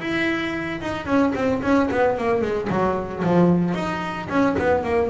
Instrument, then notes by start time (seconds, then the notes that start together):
double bass
0.00 E4
0.81 D#4
1.05 C#4
1.35 C4
1.62 C#4
1.91 B3
2.18 A#3
2.41 G#3
2.69 F#3
3.24 F3
3.74 D#4
4.29 C#4
4.58 B3
4.83 A#3